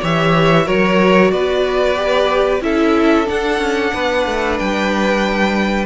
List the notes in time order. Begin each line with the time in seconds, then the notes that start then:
0.00 E3 G4 C#5 E5
0.65 F#3 F#4 A#4 C#5
1.31 B3 B4 D5
1.95 G4
2.61 C#4 E4 A4 E5
3.25 D4 F#5
3.58 C#4
3.93 B3 B4
4.26 A3
4.58 G3 G5